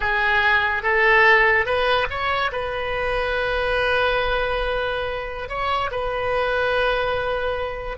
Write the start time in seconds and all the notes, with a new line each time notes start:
0.00 G#4
0.83 A4
1.65 B4
2.10 C#5
2.52 B4
5.48 C#5
5.91 B4